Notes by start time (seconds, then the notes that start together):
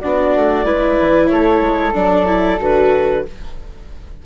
0.00 B3 D4 F#4 D5
0.35 A3
0.65 G#3 E4 B4
1.00 E3
1.27 A3 A4 C#5
1.60 G#3
1.94 F#3 D4 D5
2.26 E4
2.60 D3 F#4 B4